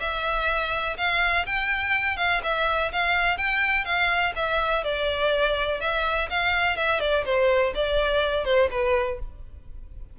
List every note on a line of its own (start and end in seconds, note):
0.00 0.97 E5
0.97 1.46 F5
1.46 2.17 G5
2.17 2.41 F5
2.43 2.92 E5
2.92 3.37 F5
3.37 3.85 G5
3.85 4.33 F5
4.35 4.84 E5
4.84 5.80 D5
5.80 6.29 E5
6.30 6.76 F5
6.76 7.00 E5
7.00 7.24 D5
7.25 7.74 C5
7.75 8.45 D5
8.45 8.69 C5
8.71 9.19 B4